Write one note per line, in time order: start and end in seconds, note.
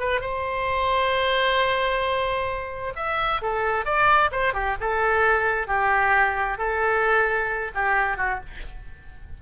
0.00 0.21 B4
0.21 2.94 C5
2.96 3.41 E5
3.42 3.86 A4
3.86 4.31 D5
4.32 4.54 C5
4.54 4.76 G4
4.81 5.67 A4
5.67 6.58 G4
6.58 7.72 A4
7.75 8.18 G4
8.18 8.40 F#4